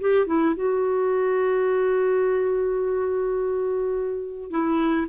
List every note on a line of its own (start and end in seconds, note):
0.00 0.26 G4
0.26 0.54 E4
0.55 4.50 F#4
4.50 5.07 E4